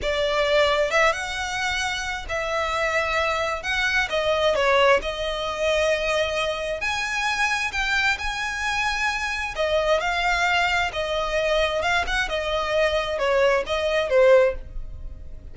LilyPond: \new Staff \with { instrumentName = "violin" } { \time 4/4 \tempo 4 = 132 d''2 e''8 fis''4.~ | fis''4 e''2. | fis''4 dis''4 cis''4 dis''4~ | dis''2. gis''4~ |
gis''4 g''4 gis''2~ | gis''4 dis''4 f''2 | dis''2 f''8 fis''8 dis''4~ | dis''4 cis''4 dis''4 c''4 | }